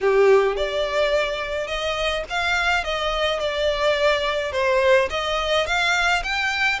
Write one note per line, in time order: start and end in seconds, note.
0.01 0.56 G4
0.56 1.67 D5
1.67 2.23 D#5
2.29 2.84 F5
2.84 3.39 D#5
3.39 4.52 D5
4.52 5.08 C5
5.10 5.66 D#5
5.66 6.22 F5
6.23 6.79 G5